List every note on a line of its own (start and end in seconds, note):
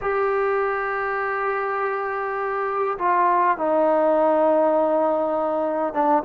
0.01 2.98 G4
2.98 3.57 F4
3.57 5.93 D#4
5.93 6.23 D4